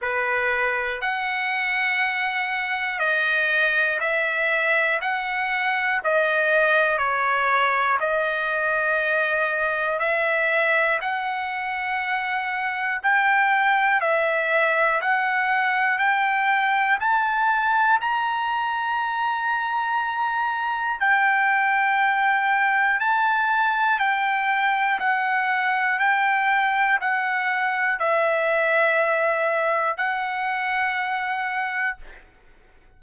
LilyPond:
\new Staff \with { instrumentName = "trumpet" } { \time 4/4 \tempo 4 = 60 b'4 fis''2 dis''4 | e''4 fis''4 dis''4 cis''4 | dis''2 e''4 fis''4~ | fis''4 g''4 e''4 fis''4 |
g''4 a''4 ais''2~ | ais''4 g''2 a''4 | g''4 fis''4 g''4 fis''4 | e''2 fis''2 | }